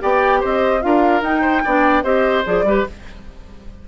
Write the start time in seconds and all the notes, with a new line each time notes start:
0.00 B3 G4 D5 G5
0.40 C4 C5 D#5
0.81 D4 F4 A#4 F5
1.22 D#4 G5
1.41 C5
1.65 B3 D4 D5
2.04 C4 G4 C5 D#5
2.45 F3 G#4 D5
2.63 G3 G4 B4